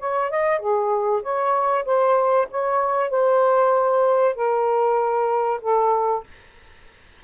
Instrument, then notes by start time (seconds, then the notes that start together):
saxophone
0.00 C#5
0.31 D#5
0.60 G#4
1.23 C#5
1.86 C5
2.51 C#5
3.11 C5
4.36 A#4
5.62 A4